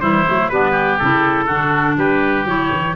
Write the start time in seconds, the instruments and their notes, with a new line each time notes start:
0.00 tuba E3, clarinet G3, oboe E4, trumpet C5
0.26 tuba F#3, clarinet A3
0.48 tuba G3, clarinet B3, oboe D4, trumpet B4
0.70 oboe G4
0.98 tuba C#3, clarinet E4, trumpet A4
1.46 tuba D3, clarinet D4, oboe F#4
1.97 tuba G3, oboe G4, trumpet B4
2.44 tuba F#3, clarinet E4, trumpet C#5
2.71 tuba E3